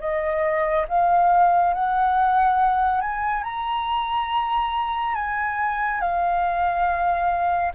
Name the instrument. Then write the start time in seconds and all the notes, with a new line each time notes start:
flute
0.00 D#5
0.88 F5
1.74 F#5
3.01 G#5
3.44 A#5
5.15 G#5
6.00 F5